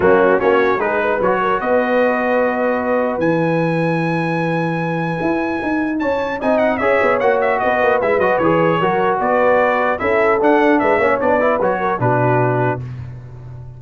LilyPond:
<<
  \new Staff \with { instrumentName = "trumpet" } { \time 4/4 \tempo 4 = 150 fis'4 cis''4 b'4 cis''4 | dis''1 | gis''1~ | gis''2. a''4 |
gis''8 fis''8 e''4 fis''8 e''8 dis''4 | e''8 dis''8 cis''2 d''4~ | d''4 e''4 fis''4 e''4 | d''4 cis''4 b'2 | }
  \new Staff \with { instrumentName = "horn" } { \time 4/4 cis'4 fis'4 gis'8 b'4 ais'8 | b'1~ | b'1~ | b'2. cis''4 |
dis''4 cis''2 b'4~ | b'2 ais'4 b'4~ | b'4 a'2 b'8 cis''8~ | cis''8 b'4 ais'8 fis'2 | }
  \new Staff \with { instrumentName = "trombone" } { \time 4/4 ais4 cis'4 dis'4 fis'4~ | fis'1 | e'1~ | e'1 |
dis'4 gis'4 fis'2 | e'8 fis'8 gis'4 fis'2~ | fis'4 e'4 d'4. cis'8 | d'8 e'8 fis'4 d'2 | }
  \new Staff \with { instrumentName = "tuba" } { \time 4/4 fis4 ais4 gis4 fis4 | b1 | e1~ | e4 e'4 dis'4 cis'4 |
c'4 cis'8 b8 ais4 b8 ais8 | gis8 fis8 e4 fis4 b4~ | b4 cis'4 d'4 gis8 ais8 | b4 fis4 b,2 | }
>>